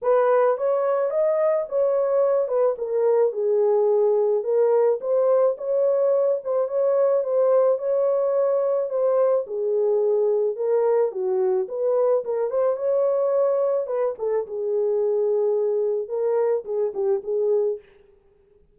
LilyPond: \new Staff \with { instrumentName = "horn" } { \time 4/4 \tempo 4 = 108 b'4 cis''4 dis''4 cis''4~ | cis''8 b'8 ais'4 gis'2 | ais'4 c''4 cis''4. c''8 | cis''4 c''4 cis''2 |
c''4 gis'2 ais'4 | fis'4 b'4 ais'8 c''8 cis''4~ | cis''4 b'8 a'8 gis'2~ | gis'4 ais'4 gis'8 g'8 gis'4 | }